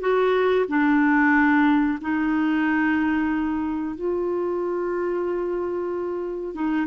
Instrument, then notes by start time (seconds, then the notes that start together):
clarinet
0.00 F#4
0.68 D4
2.01 D#4
3.95 F4
6.55 D#4